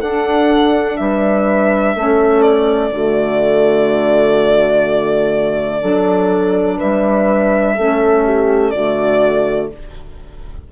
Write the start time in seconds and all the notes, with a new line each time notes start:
0.00 D4 A4 F#5
0.97 G3 B4 E5
1.95 A3 C#4 A4
2.42 D5
2.91 D3 A3 F#4
5.81 F#3 D4 A4
6.77 G3 B4 E5
7.75 A3 C#4 A4
8.25 G4
8.71 D3 A3 F#4 D5